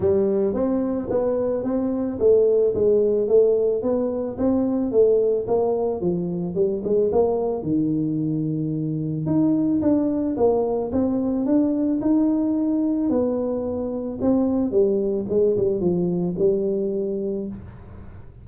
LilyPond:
\new Staff \with { instrumentName = "tuba" } { \time 4/4 \tempo 4 = 110 g4 c'4 b4 c'4 | a4 gis4 a4 b4 | c'4 a4 ais4 f4 | g8 gis8 ais4 dis2~ |
dis4 dis'4 d'4 ais4 | c'4 d'4 dis'2 | b2 c'4 g4 | gis8 g8 f4 g2 | }